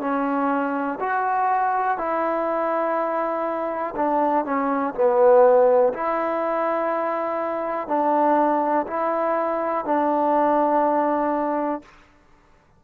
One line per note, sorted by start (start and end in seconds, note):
0.00 0.98 C#4
1.00 1.98 F#4
1.98 3.94 E4
3.96 4.44 D4
4.44 4.94 C#4
4.94 5.92 B3
5.93 7.87 E4
7.87 8.86 D4
8.87 9.85 E4
9.85 11.81 D4